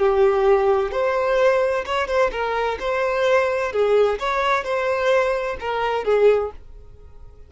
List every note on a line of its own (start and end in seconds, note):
0.00 0.92 G4
0.92 1.85 C5
1.86 2.08 C#5
2.08 2.31 C5
2.32 2.79 A#4
2.80 3.73 C5
3.73 4.19 G#4
4.20 4.64 C#5
4.64 5.57 C5
5.60 6.05 A#4
6.05 6.51 G#4